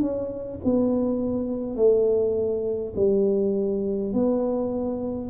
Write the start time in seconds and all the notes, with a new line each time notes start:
0.00 C#4
0.64 B3
1.75 A3
2.95 G3
4.13 B3